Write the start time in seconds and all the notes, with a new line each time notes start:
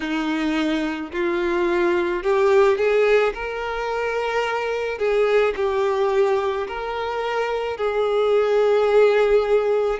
0.00 D#4
1.12 F4
2.23 G4
2.77 G#4
3.34 A#4
4.98 G#4
5.56 G4
6.67 A#4
7.77 G#4